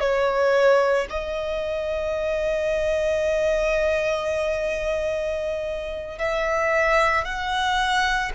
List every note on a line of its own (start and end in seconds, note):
0.00 1.07 C#5
1.10 6.19 D#5
6.19 7.24 E5
7.24 8.31 F#5